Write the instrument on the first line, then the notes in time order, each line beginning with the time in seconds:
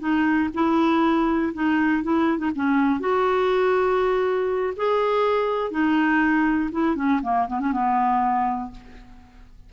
clarinet
0.00 D#4
0.54 E4
1.54 D#4
2.04 E4
2.38 D#4
2.55 C#4
3.00 F#4
4.77 G#4
5.71 D#4
6.72 E4
6.96 C#4
7.23 A#3
7.48 B3
7.60 C#4
7.73 B3